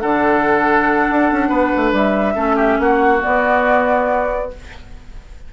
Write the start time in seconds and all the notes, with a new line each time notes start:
0.00 D3 D4 A4 F#5
1.10 D4
1.32 C#4
1.48 B3 B4
1.76 A3
1.92 G3 E5
2.34 A3 C#4 A4
2.56 G4
2.78 A#3 F#4 F#5
3.20 B3 D5